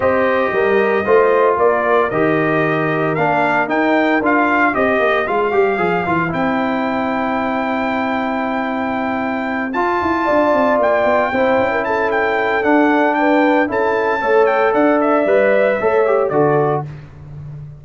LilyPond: <<
  \new Staff \with { instrumentName = "trumpet" } { \time 4/4 \tempo 4 = 114 dis''2. d''4 | dis''2 f''4 g''4 | f''4 dis''4 f''2 | g''1~ |
g''2~ g''8 a''4.~ | a''8 g''2 a''8 g''4 | fis''4 g''4 a''4. g''8 | fis''8 e''2~ e''8 d''4 | }
  \new Staff \with { instrumentName = "horn" } { \time 4/4 c''4 ais'4 c''4 ais'4~ | ais'1~ | ais'4 c''2.~ | c''1~ |
c''2.~ c''8 d''8~ | d''4. c''8. ais'16 a'4.~ | a'4 b'4 a'4 cis''4 | d''2 cis''4 a'4 | }
  \new Staff \with { instrumentName = "trombone" } { \time 4/4 g'2 f'2 | g'2 d'4 dis'4 | f'4 g'4 f'8 g'8 gis'8 f'8 | e'1~ |
e'2~ e'8 f'4.~ | f'4. e'2~ e'8 | d'2 e'4 a'4~ | a'4 b'4 a'8 g'8 fis'4 | }
  \new Staff \with { instrumentName = "tuba" } { \time 4/4 c'4 g4 a4 ais4 | dis2 ais4 dis'4 | d'4 c'8 ais8 gis8 g8 f8 e8 | c'1~ |
c'2~ c'8 f'8 e'8 d'8 | c'8 ais8 b8 c'8 cis'2 | d'2 cis'4 a4 | d'4 g4 a4 d4 | }
>>